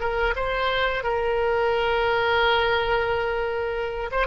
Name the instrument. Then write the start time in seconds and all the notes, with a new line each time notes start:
oboe
0.00 A#4
0.36 C5
1.03 A#4
4.11 C5